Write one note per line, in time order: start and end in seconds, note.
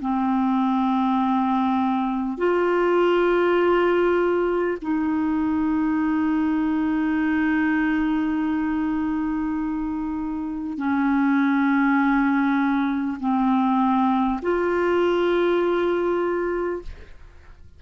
0.00 2.37 C4
2.37 4.77 F4
4.81 10.77 D#4
10.77 13.17 C#4
13.20 14.40 C4
14.42 16.82 F4